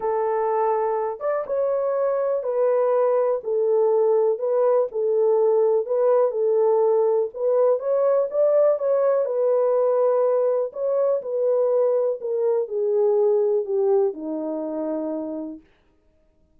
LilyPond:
\new Staff \with { instrumentName = "horn" } { \time 4/4 \tempo 4 = 123 a'2~ a'8 d''8 cis''4~ | cis''4 b'2 a'4~ | a'4 b'4 a'2 | b'4 a'2 b'4 |
cis''4 d''4 cis''4 b'4~ | b'2 cis''4 b'4~ | b'4 ais'4 gis'2 | g'4 dis'2. | }